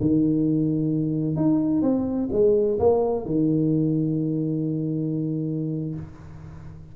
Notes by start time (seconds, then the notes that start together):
0.00 D#3
1.36 D#4
1.82 C4
2.32 G#3
2.79 A#3
3.25 D#3